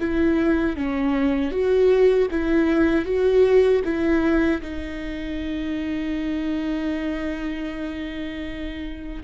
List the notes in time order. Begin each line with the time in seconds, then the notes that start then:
0.00 E4
0.77 C#4
1.52 F#4
2.31 E4
3.06 F#4
3.84 E4
4.62 D#4